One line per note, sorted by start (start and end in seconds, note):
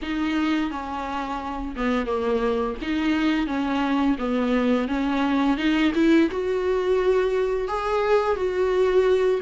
0.02 0.70 D#4
0.70 1.75 C#4
1.75 2.05 B3
2.05 2.75 A#3
2.81 3.46 D#4
3.46 4.16 C#4
4.18 4.88 B3
4.88 5.57 C#4
5.57 5.92 D#4
5.94 6.29 E4
6.30 7.67 F#4
7.67 8.36 G#4
8.36 9.40 F#4